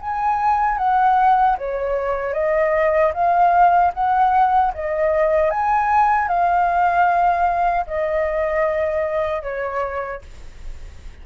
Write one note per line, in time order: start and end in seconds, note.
0.00 0.78 G#5
0.78 1.56 F#5
1.58 2.33 C#5
2.33 3.12 D#5
3.13 3.92 F5
3.94 4.73 F#5
4.74 5.50 D#5
5.50 6.28 G#5
6.28 7.86 F5
7.87 9.42 D#5
9.42 10.21 C#5